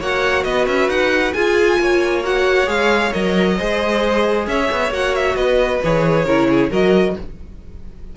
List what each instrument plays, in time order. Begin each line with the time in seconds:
0.00 cello A#3, viola F#4, violin C#5 F#5
0.44 cello B3, violin B4 D#5
0.67 cello C#4, violin E5
0.89 cello D#4, violin F#5
1.33 cello F4, viola F4, violin G#4 G#5
1.79 cello A#3, violin C#5
2.23 viola F#4, violin F#5
2.67 cello G#3, viola G#4, violin F5
3.13 cello F#3, viola A#4, violin D#5
3.57 cello G#3, viola G#4, violin C5
4.47 cello C#4, violin C#5 E5
4.72 cello B3
4.91 cello A#3, viola F#4, violin F#5
5.15 violin E5
5.36 cello B3, violin B4 D#5
5.84 cello E3, viola G#4, violin C#5
6.25 cello C#3, viola E4, violin A#4
6.50 violin G#4
6.71 cello F#3, viola F#4, violin A#4 D#5